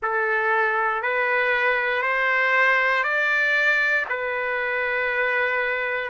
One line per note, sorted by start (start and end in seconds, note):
0.02 1.02 A4
1.02 2.02 B4
2.02 3.03 C5
3.03 4.05 D5
4.09 6.09 B4